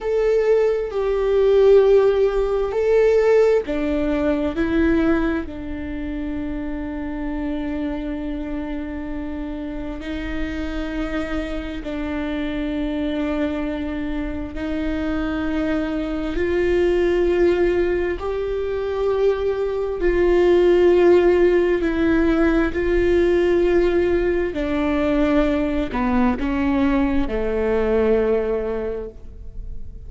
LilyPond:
\new Staff \with { instrumentName = "viola" } { \time 4/4 \tempo 4 = 66 a'4 g'2 a'4 | d'4 e'4 d'2~ | d'2. dis'4~ | dis'4 d'2. |
dis'2 f'2 | g'2 f'2 | e'4 f'2 d'4~ | d'8 b8 cis'4 a2 | }